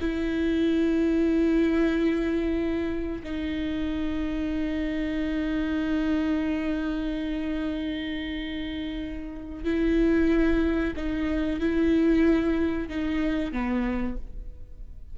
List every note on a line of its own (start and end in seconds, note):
0.00 3.23 E4
3.23 9.64 D#4
9.64 10.93 E4
10.96 11.60 D#4
11.60 12.89 E4
12.89 13.52 D#4
13.52 14.17 B3